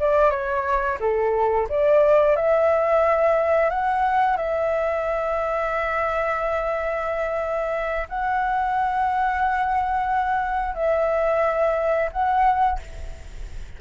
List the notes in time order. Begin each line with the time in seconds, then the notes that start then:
0.00 D5
0.31 C#5
1.00 A4
1.69 D5
2.36 E5
3.70 F#5
4.37 E5
8.09 F#5
10.75 E5
12.12 F#5